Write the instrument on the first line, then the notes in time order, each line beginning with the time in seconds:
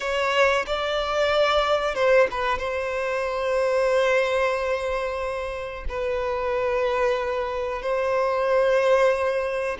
violin
0.00 C#5
0.66 D5
1.94 C5
2.30 B4
2.58 C5
5.88 B4
7.82 C5